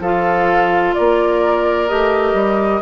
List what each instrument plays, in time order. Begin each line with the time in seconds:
0.00 bassoon F3, clarinet F4, oboe A4, flute F5
0.95 bassoon A#3, oboe A#4, flute D5
1.88 bassoon A3, clarinet G4, flute D#5
2.34 bassoon G3